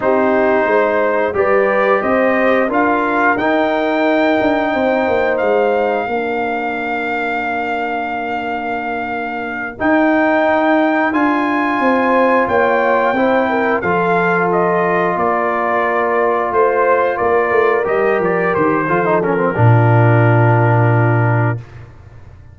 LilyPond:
<<
  \new Staff \with { instrumentName = "trumpet" } { \time 4/4 \tempo 4 = 89 c''2 d''4 dis''4 | f''4 g''2. | f''1~ | f''2~ f''8 g''4.~ |
g''8 gis''2 g''4.~ | g''8 f''4 dis''4 d''4.~ | d''8 c''4 d''4 dis''8 d''8 c''8~ | c''8 ais'2.~ ais'8 | }
  \new Staff \with { instrumentName = "horn" } { \time 4/4 g'4 c''4 b'4 c''4 | ais'2. c''4~ | c''4 ais'2.~ | ais'1~ |
ais'4. c''4 cis''4 c''8 | ais'8 a'2 ais'4.~ | ais'8 c''4 ais'2~ ais'8 | a'4 f'2. | }
  \new Staff \with { instrumentName = "trombone" } { \time 4/4 dis'2 g'2 | f'4 dis'2.~ | dis'4 d'2.~ | d'2~ d'8 dis'4.~ |
dis'8 f'2. e'8~ | e'8 f'2.~ f'8~ | f'2~ f'8 g'4. | f'16 dis'16 cis'16 c'16 d'2. | }
  \new Staff \with { instrumentName = "tuba" } { \time 4/4 c'4 gis4 g4 c'4 | d'4 dis'4. d'8 c'8 ais8 | gis4 ais2.~ | ais2~ ais8 dis'4.~ |
dis'8 d'4 c'4 ais4 c'8~ | c'8 f2 ais4.~ | ais8 a4 ais8 a8 g8 f8 dis8 | f4 ais,2. | }
>>